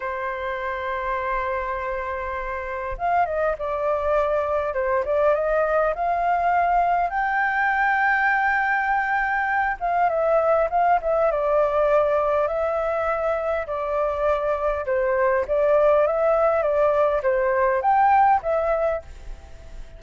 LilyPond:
\new Staff \with { instrumentName = "flute" } { \time 4/4 \tempo 4 = 101 c''1~ | c''4 f''8 dis''8 d''2 | c''8 d''8 dis''4 f''2 | g''1~ |
g''8 f''8 e''4 f''8 e''8 d''4~ | d''4 e''2 d''4~ | d''4 c''4 d''4 e''4 | d''4 c''4 g''4 e''4 | }